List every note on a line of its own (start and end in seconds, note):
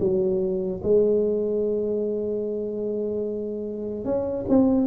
0.00 0.81 F#3
0.83 4.05 G#3
4.05 4.45 C#4
4.49 4.86 C4